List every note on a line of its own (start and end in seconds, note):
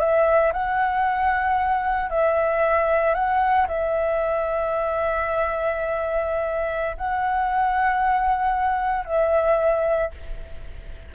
0.00 0.53 E5
0.53 2.11 F#5
2.11 3.15 E5
3.15 3.67 F#5
3.68 6.97 E5
6.98 9.06 F#5
9.06 10.11 E5